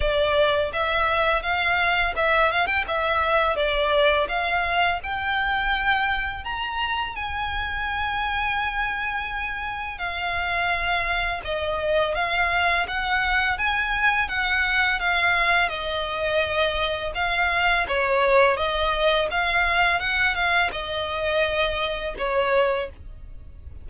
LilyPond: \new Staff \with { instrumentName = "violin" } { \time 4/4 \tempo 4 = 84 d''4 e''4 f''4 e''8 f''16 g''16 | e''4 d''4 f''4 g''4~ | g''4 ais''4 gis''2~ | gis''2 f''2 |
dis''4 f''4 fis''4 gis''4 | fis''4 f''4 dis''2 | f''4 cis''4 dis''4 f''4 | fis''8 f''8 dis''2 cis''4 | }